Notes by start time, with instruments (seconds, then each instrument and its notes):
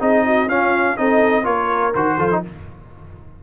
0.00 tuba C4, trombone D#4, horn G#4, trumpet D#5
0.26 horn F#4
0.47 tuba C#4, trombone C#4, horn F4, trumpet F5
0.97 tuba C4, trombone D#4, horn A4, trumpet D#5
1.44 tuba A#3, trombone F4, horn A#4, trumpet C#5
1.95 tuba D#3, trombone F#4, trumpet C5
2.17 tuba F3, trombone F4, horn A4
2.32 trombone D#4